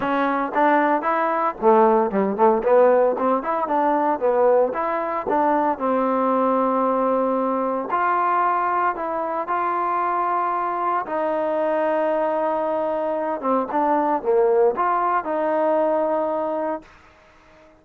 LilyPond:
\new Staff \with { instrumentName = "trombone" } { \time 4/4 \tempo 4 = 114 cis'4 d'4 e'4 a4 | g8 a8 b4 c'8 e'8 d'4 | b4 e'4 d'4 c'4~ | c'2. f'4~ |
f'4 e'4 f'2~ | f'4 dis'2.~ | dis'4. c'8 d'4 ais4 | f'4 dis'2. | }